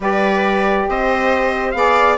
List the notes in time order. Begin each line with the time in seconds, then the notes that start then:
0.00 G3 G4 B4 D5
0.88 C4 C5 D#5
1.71 B3 G#4 D5 F5